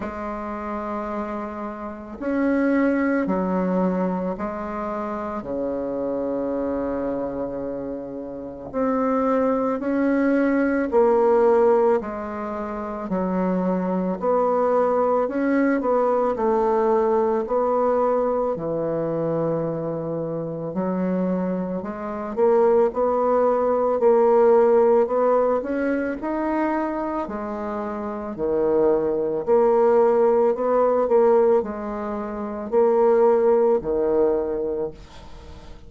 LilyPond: \new Staff \with { instrumentName = "bassoon" } { \time 4/4 \tempo 4 = 55 gis2 cis'4 fis4 | gis4 cis2. | c'4 cis'4 ais4 gis4 | fis4 b4 cis'8 b8 a4 |
b4 e2 fis4 | gis8 ais8 b4 ais4 b8 cis'8 | dis'4 gis4 dis4 ais4 | b8 ais8 gis4 ais4 dis4 | }